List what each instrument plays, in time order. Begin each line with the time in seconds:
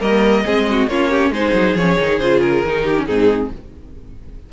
0.00 cello G3, viola A#3, violin A#4 D#5
0.45 cello G#3, viola C4, violin G#4
0.71 violin F#4
0.87 cello A#3, viola C#4, violin F4 C#5
1.10 violin G4
1.30 cello G#3, viola D#4, violin G#4 C5
1.53 cello F#3
1.76 cello F3, viola C#4, violin C#5
1.98 cello D#3, viola D#4
2.19 cello C#3, viola F4, violin C5
2.41 violin A#4
2.65 cello D#3, viola D#4
2.83 violin G4
2.97 viola C#4
3.06 cello G#2, viola C4, violin D#4 G#4